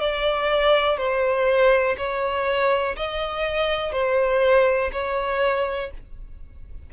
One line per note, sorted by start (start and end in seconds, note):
0.00 0.97 D5
0.97 1.95 C5
1.97 2.96 C#5
2.96 3.92 D#5
3.92 4.90 C5
4.92 5.91 C#5